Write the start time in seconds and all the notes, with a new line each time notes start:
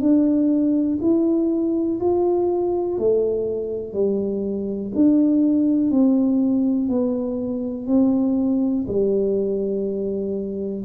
0.00 D4
1.01 E4
2.00 F4
2.98 A3
3.93 G3
4.95 D4
5.91 C4
6.89 B3
7.87 C4
8.87 G3